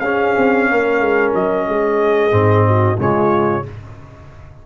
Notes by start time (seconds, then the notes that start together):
0.00 C#4 G#4 F5
0.38 C4
0.69 A#3 A#4
1.00 G#3
1.35 F#3 D#5
1.68 G#3 G#4
2.31 G#2 C4
2.68 F#4
2.98 C#3 G#3 F4 C#5